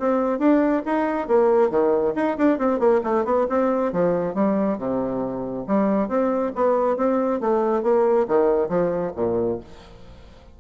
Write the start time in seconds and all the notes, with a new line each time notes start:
0.00 C4
0.39 D4
0.86 D#4
1.28 A#3
1.71 D#3
2.16 D#4
2.38 D4
2.59 C4
2.79 A#3
3.04 A3
3.25 B3
3.50 C4
3.93 F3
4.35 G3
4.79 C3
5.68 G3
6.09 C4
6.56 B3
6.97 C4
7.41 A3
7.83 A#3
8.28 D#3
8.69 F3
9.17 A#2